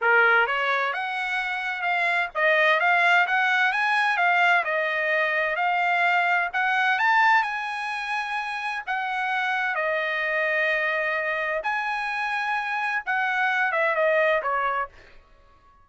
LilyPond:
\new Staff \with { instrumentName = "trumpet" } { \time 4/4 \tempo 4 = 129 ais'4 cis''4 fis''2 | f''4 dis''4 f''4 fis''4 | gis''4 f''4 dis''2 | f''2 fis''4 a''4 |
gis''2. fis''4~ | fis''4 dis''2.~ | dis''4 gis''2. | fis''4. e''8 dis''4 cis''4 | }